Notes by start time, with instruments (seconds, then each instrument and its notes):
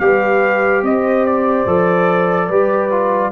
0.00 tuba G3, trombone G4, horn B4, trumpet F5
0.83 tuba C4, horn C5, trumpet D#5
1.26 trumpet D5
1.66 tuba F3, trombone A4
2.48 tuba G3, trombone G4, horn B4
2.91 trombone F4